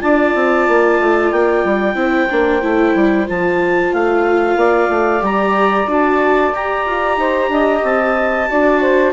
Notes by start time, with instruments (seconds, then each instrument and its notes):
0.00 bassoon D4, viola F4, saxophone D5, clarinet A5
0.34 bassoon C4
0.68 bassoon A#3
0.99 bassoon A3
1.32 bassoon A#3, clarinet G5
1.64 bassoon G3
1.94 bassoon C4, viola E4, saxophone C5
2.30 bassoon A#3, viola D4
2.61 bassoon A3, viola E4
2.95 bassoon G3
3.26 bassoon F3, viola F4, clarinet A5
3.93 bassoon A3, clarinet F5
4.56 bassoon A#3, saxophone D5
4.89 bassoon A3
5.19 bassoon G3, viola G4, clarinet A#5
5.86 bassoon D4, viola F#4, clarinet A5
6.53 bassoon G4, viola G4, clarinet A#5
6.86 bassoon F4
7.17 bassoon D#4, saxophone C5
7.48 bassoon D4, saxophone D#5
7.83 bassoon C4, clarinet A5
8.49 bassoon D4, viola F#4, saxophone D5
8.81 saxophone C5